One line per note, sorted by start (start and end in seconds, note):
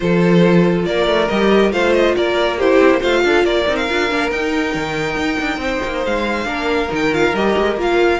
0.00 0.86 F3
0.00 1.29 F4
0.00 0.88 A4
0.00 0.84 C5
0.85 1.06 A#3
0.85 1.72 A#4
0.85 1.28 D5
1.06 1.27 A3
1.28 1.72 G3
1.28 1.72 G4
1.28 1.71 D#5
1.72 2.15 A3
1.72 2.58 F4
1.72 2.15 C5
1.72 1.93 F5
1.93 2.14 D#5
2.16 2.81 A#3
2.16 2.58 A#4
2.16 2.59 D5
2.58 3.00 E4
2.58 3.00 G4
2.58 3.02 C5
2.81 2.89 C4
2.89 3.00 A#3
3.00 3.23 A3
3.00 3.65 F4
3.00 3.21 C5
3.00 3.45 F5
3.23 3.44 D4
3.23 3.44 A4
3.44 3.65 A#3
3.44 5.60 A#4
3.44 3.76 D5
3.67 3.89 C4
3.67 3.88 D#4
3.76 4.30 F5
3.89 4.11 D4
3.89 4.10 F4
4.10 4.31 A#3
4.10 4.31 D4
4.31 4.74 D#4
4.31 6.45 D#4
4.31 6.04 G5
4.74 5.16 D#3
5.16 5.37 D#4
5.39 5.57 D4
5.57 5.78 C4
5.57 6.47 C5
5.84 6.05 A#3
6.05 6.45 G#3
6.05 6.91 F5
6.45 6.88 A#3
6.45 6.88 D4
6.45 8.19 A#4
6.89 7.33 D#3
6.89 7.11 D#4
6.89 7.14 G5
7.12 7.34 F4
7.12 7.35 F5
7.33 7.55 G3
7.33 7.77 G4
7.33 7.78 D#5
7.56 7.76 G#3
7.76 8.19 A#3
7.76 8.19 F4
7.76 8.19 F5